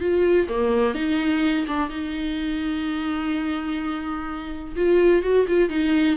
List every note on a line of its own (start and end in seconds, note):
0.00 0.48 F4
0.48 0.94 A#3
0.94 1.66 D#4
1.67 1.89 D4
1.89 4.75 D#4
4.76 5.22 F4
5.22 5.46 F#4
5.47 5.69 F4
5.69 6.17 D#4